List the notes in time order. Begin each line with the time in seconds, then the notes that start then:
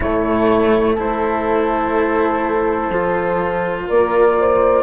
0.00 A2 A3 E4 C#5
0.94 A3 E4 A4 C5
2.89 F3 F4
3.87 A#3 A#4 D5
4.39 C5